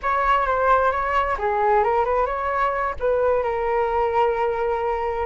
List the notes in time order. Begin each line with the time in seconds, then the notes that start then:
0.02 C#5
0.46 C5
0.91 C#5
1.38 G#4
1.83 A#4
2.04 B4
2.26 C#5
2.99 B4
3.43 A#4